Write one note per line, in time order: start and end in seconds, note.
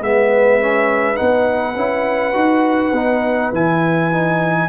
0.00 1.19 G#3
0.00 0.61 B3
0.00 4.69 B4
0.00 1.17 E5
0.61 1.15 C#4
1.15 1.76 B3
1.15 1.74 D#4
1.15 3.52 F#5
1.76 2.35 C#4
1.76 2.33 E4
2.33 2.93 D#4
2.33 2.92 F#4
2.93 3.52 B3
2.93 3.54 D#4
3.52 4.69 E3
3.52 4.12 E4
3.52 4.69 G#5
4.12 4.69 D#4